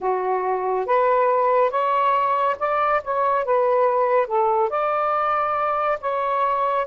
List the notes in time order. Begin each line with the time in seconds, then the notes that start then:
0.00 F#4
0.86 B4
1.70 C#5
2.59 D5
3.04 C#5
3.44 B4
4.26 A4
4.69 D5
6.00 C#5